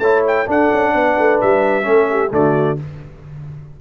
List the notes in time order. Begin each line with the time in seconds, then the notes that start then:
0.00 A3 E4 C#5 A5
0.27 G5
0.46 D4 A4 F#5
0.73 C#4
0.95 B3 B4
1.19 A3
1.41 G3 E5
1.83 A3 C#4
1.89 A4
2.11 G4
2.31 D3 A3 F#4 D5